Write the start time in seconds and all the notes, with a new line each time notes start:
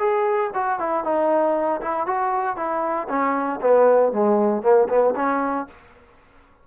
0.00 G#4
0.55 F#4
0.80 E4
1.04 D#4
1.82 E4
2.07 F#4
2.57 E4
3.09 C#4
3.62 B3
4.13 G#3
4.63 A#3
4.89 B3
5.16 C#4